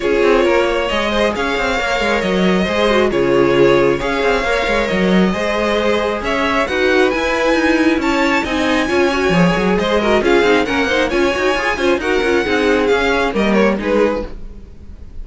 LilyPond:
<<
  \new Staff \with { instrumentName = "violin" } { \time 4/4 \tempo 4 = 135 cis''2 dis''4 f''4~ | f''4 dis''2 cis''4~ | cis''4 f''2 dis''4~ | dis''2 e''4 fis''4 |
gis''2 a''4 gis''4~ | gis''2 dis''4 f''4 | fis''4 gis''2 fis''4~ | fis''4 f''4 dis''8 cis''8 b'4 | }
  \new Staff \with { instrumentName = "violin" } { \time 4/4 gis'4 ais'8 cis''4 c''8 cis''4~ | cis''2 c''4 gis'4~ | gis'4 cis''2. | c''2 cis''4 b'4~ |
b'2 cis''4 dis''4 | cis''2 c''8 ais'8 gis'4 | ais'8 c''8 cis''4. c''8 ais'4 | gis'2 ais'4 gis'4 | }
  \new Staff \with { instrumentName = "viola" } { \time 4/4 f'2 gis'2 | ais'2 gis'8 fis'8 f'4~ | f'4 gis'4 ais'2 | gis'2. fis'4 |
e'2. dis'4 | f'8 fis'8 gis'4. fis'8 f'8 dis'8 | cis'8 dis'8 f'8 fis'8 gis'8 f'8 fis'8 f'8 | dis'4 cis'4 ais4 dis'4 | }
  \new Staff \with { instrumentName = "cello" } { \time 4/4 cis'8 c'8 ais4 gis4 cis'8 c'8 | ais8 gis8 fis4 gis4 cis4~ | cis4 cis'8 c'8 ais8 gis8 fis4 | gis2 cis'4 dis'4 |
e'4 dis'4 cis'4 c'4 | cis'4 f8 fis8 gis4 cis'8 c'8 | ais4 cis'8 dis'8 f'8 cis'8 dis'8 cis'8 | c'4 cis'4 g4 gis4 | }
>>